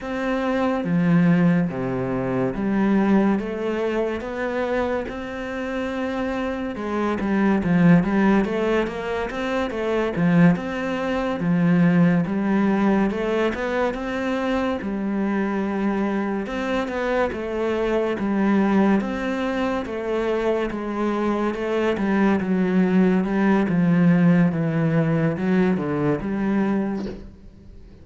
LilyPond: \new Staff \with { instrumentName = "cello" } { \time 4/4 \tempo 4 = 71 c'4 f4 c4 g4 | a4 b4 c'2 | gis8 g8 f8 g8 a8 ais8 c'8 a8 | f8 c'4 f4 g4 a8 |
b8 c'4 g2 c'8 | b8 a4 g4 c'4 a8~ | a8 gis4 a8 g8 fis4 g8 | f4 e4 fis8 d8 g4 | }